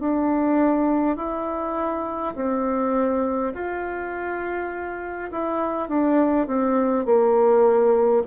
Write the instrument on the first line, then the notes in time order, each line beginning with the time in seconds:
bassoon
0.00 D4
1.17 E4
2.35 C4
3.54 F4
5.32 E4
5.89 D4
6.47 C4
7.05 A#3